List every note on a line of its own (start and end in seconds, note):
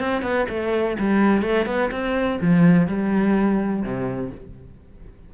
0.00 0.22 C4
0.22 0.46 B3
0.50 0.98 A3
0.99 1.42 G3
1.42 1.66 A3
1.66 1.90 B3
1.92 2.40 C4
2.41 2.88 F3
2.88 3.84 G3
3.84 4.32 C3